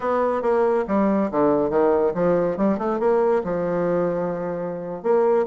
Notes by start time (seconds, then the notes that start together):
0.00 B3
0.41 A#3
0.87 G3
1.31 D3
1.69 D#3
2.14 F3
2.57 G3
2.78 A3
2.99 A#3
3.44 F3
5.03 A#3